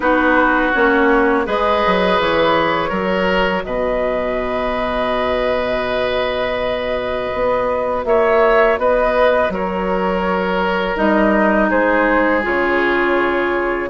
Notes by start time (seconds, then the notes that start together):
0.00 B3 D#4 F#4 B4
0.73 A#3 C#4 C#5
1.45 G#3 G#4 B4 D#5
1.86 F#3
2.19 E3 C#5
2.89 F#3 F#4 A#4
3.63 B2 B4 D#5
7.33 B3
8.04 A#3 C#5 E5
8.77 B3 B4 D#5
9.49 F#3 A#4 C#5
10.95 G3 D#4 D#5
11.69 G#3 G#4 C5
12.42 C#3 F4 C#5